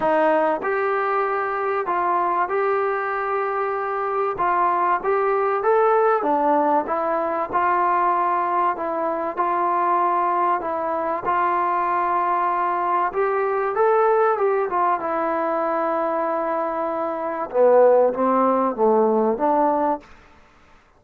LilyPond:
\new Staff \with { instrumentName = "trombone" } { \time 4/4 \tempo 4 = 96 dis'4 g'2 f'4 | g'2. f'4 | g'4 a'4 d'4 e'4 | f'2 e'4 f'4~ |
f'4 e'4 f'2~ | f'4 g'4 a'4 g'8 f'8 | e'1 | b4 c'4 a4 d'4 | }